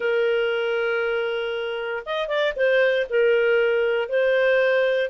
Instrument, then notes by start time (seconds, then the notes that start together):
clarinet
0.00 A#4
2.05 D#5
2.27 D5
2.55 C5
3.09 A#4
4.08 C5